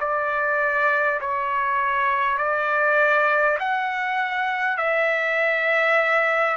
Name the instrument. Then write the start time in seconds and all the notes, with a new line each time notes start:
trumpet
0.00 D5
1.20 C#5
2.38 D5
3.59 F#5
4.77 E5